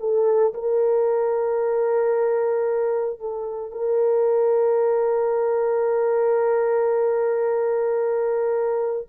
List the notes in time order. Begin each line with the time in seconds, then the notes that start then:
0.00 A4
0.54 A#4
3.20 A4
3.72 A#4